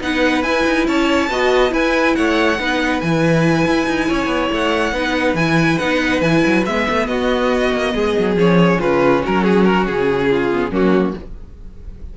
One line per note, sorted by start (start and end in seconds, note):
0.00 0.42 B3
0.00 0.43 D#4
0.00 0.87 B4
0.00 0.42 F#5
0.42 0.64 E4
0.42 1.30 E4
0.42 0.85 G#5
0.66 0.87 D#4
0.87 1.29 C#4
0.87 1.29 C#5
0.87 1.73 A5
1.29 1.72 B3
1.29 1.69 F#4
1.29 1.72 D#5
1.69 2.55 E4
1.69 2.14 E4
1.69 2.15 B4
1.69 2.15 G#5
2.15 2.58 A3
2.15 2.60 C#5
2.15 3.00 F#5
2.58 3.01 B3
2.58 3.02 D#4
2.58 4.08 B4
3.00 3.66 E3
3.00 4.94 E4
3.00 4.50 G#5
3.67 3.87 E4
3.87 4.08 D#4
4.08 4.26 C#4
4.08 4.93 C#5
4.26 4.47 B3
4.52 4.92 A3
4.52 5.35 F#5
4.92 5.34 B3
4.92 5.37 D#4
4.92 7.07 B4
5.34 5.76 E3
5.34 5.80 E4
5.34 5.78 G#5
5.78 6.21 B3
5.78 6.22 D#4
5.78 6.21 F#5
6.21 6.42 E3
6.21 6.65 E4
6.21 6.64 G#5
6.46 6.66 F#3
6.65 6.87 G#3
6.65 8.37 B3
6.65 7.07 E5
6.89 7.07 A3
7.07 7.71 B3
7.07 7.94 F#4
7.07 8.35 D#5
7.72 7.94 A#3
7.94 8.15 G#3
7.94 8.79 G#4
8.18 8.35 F#3
8.35 8.78 F3
8.35 10.51 C#4
8.35 8.80 C#5
8.79 9.23 C#3
8.79 9.22 F4
8.79 9.23 B4
9.22 9.87 F#3
9.22 10.29 F#4
9.22 9.43 A#4
9.43 9.64 G#4
9.64 9.86 A#4
9.86 10.71 C#3
9.86 10.72 G#4
10.30 10.71 F4
10.51 10.72 B3
10.71 11.13 F#3
10.71 11.14 A#3
10.71 11.13 C#4
10.71 11.17 F#4